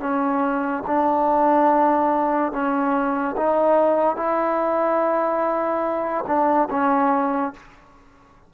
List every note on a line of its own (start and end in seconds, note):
0.00 0.83 C#4
0.87 2.52 D4
2.52 3.36 C#4
3.37 4.17 D#4
4.17 6.25 E4
6.27 6.69 D4
6.70 7.54 C#4